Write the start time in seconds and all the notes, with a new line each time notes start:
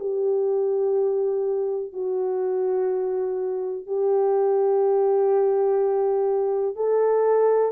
0.00 G4
1.94 F#4
3.87 G4
6.76 A4